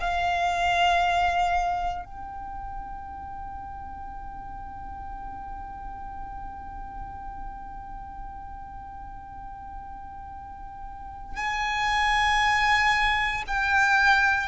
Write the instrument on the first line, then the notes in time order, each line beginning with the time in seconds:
violin
0.00 F5
2.05 G5
11.36 G#5
13.47 G5